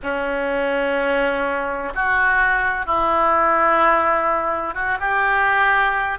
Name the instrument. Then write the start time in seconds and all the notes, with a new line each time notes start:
oboe
0.03 C#4
1.94 F#4
2.86 E4
4.74 F#4
5.00 G4